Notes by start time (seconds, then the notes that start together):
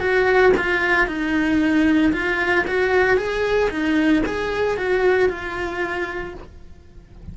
0.00 F#4
0.57 F4
1.07 D#4
2.13 F4
2.67 F#4
3.17 G#4
3.70 D#4
4.26 G#4
4.77 F#4
5.29 F4